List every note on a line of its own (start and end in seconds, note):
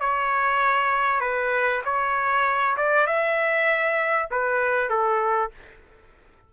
0.00 1.21 C#5
1.21 1.82 B4
1.85 2.77 C#5
2.77 3.07 D5
3.07 4.29 E5
4.31 4.90 B4
4.90 5.51 A4